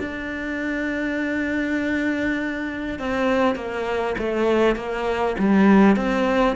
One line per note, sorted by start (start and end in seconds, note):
0.00 2.99 D4
2.99 3.56 C4
3.56 4.16 A#3
4.18 4.76 A3
4.76 5.36 A#3
5.39 5.97 G3
5.97 6.57 C4